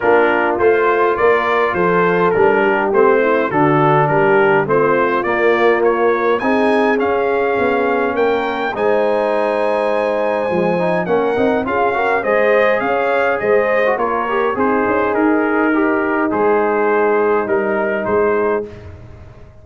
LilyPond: <<
  \new Staff \with { instrumentName = "trumpet" } { \time 4/4 \tempo 4 = 103 ais'4 c''4 d''4 c''4 | ais'4 c''4 a'4 ais'4 | c''4 d''4 cis''4 gis''4 | f''2 g''4 gis''4~ |
gis''2. fis''4 | f''4 dis''4 f''4 dis''4 | cis''4 c''4 ais'2 | c''2 ais'4 c''4 | }
  \new Staff \with { instrumentName = "horn" } { \time 4/4 f'2 ais'4 a'4~ | a'8 g'4 e'8 fis'4 g'4 | f'2. gis'4~ | gis'2 ais'4 c''4~ |
c''2. ais'4 | gis'8 ais'8 c''4 cis''4 c''4 | ais'4 dis'2.~ | dis'2. gis'4 | }
  \new Staff \with { instrumentName = "trombone" } { \time 4/4 d'4 f'2. | d'4 c'4 d'2 | c'4 ais2 dis'4 | cis'2. dis'4~ |
dis'2 gis8 dis'8 cis'8 dis'8 | f'8 fis'8 gis'2~ gis'8. fis'16 | f'8 g'8 gis'2 g'4 | gis'2 dis'2 | }
  \new Staff \with { instrumentName = "tuba" } { \time 4/4 ais4 a4 ais4 f4 | g4 a4 d4 g4 | a4 ais2 c'4 | cis'4 b4 ais4 gis4~ |
gis2 f4 ais8 c'8 | cis'4 gis4 cis'4 gis4 | ais4 c'8 cis'8 dis'2 | gis2 g4 gis4 | }
>>